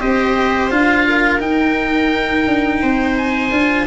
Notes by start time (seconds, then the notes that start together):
0.00 C4 G4 C5 D#5
0.71 D4 F4 F5
1.07 A#4
1.40 D#4 G5
2.47 D4
2.82 C4 C5
3.18 G#5
3.52 D4 F4